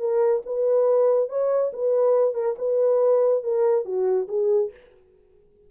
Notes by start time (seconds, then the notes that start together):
0.00 A#4
0.46 B4
1.29 C#5
1.74 B4
2.35 A#4
2.59 B4
3.44 A#4
3.85 F#4
4.29 G#4